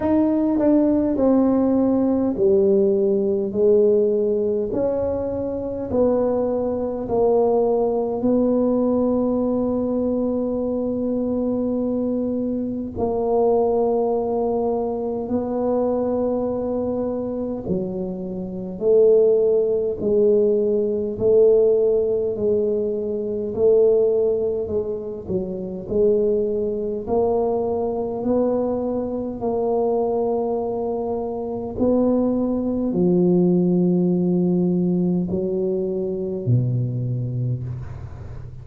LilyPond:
\new Staff \with { instrumentName = "tuba" } { \time 4/4 \tempo 4 = 51 dis'8 d'8 c'4 g4 gis4 | cis'4 b4 ais4 b4~ | b2. ais4~ | ais4 b2 fis4 |
a4 gis4 a4 gis4 | a4 gis8 fis8 gis4 ais4 | b4 ais2 b4 | f2 fis4 b,4 | }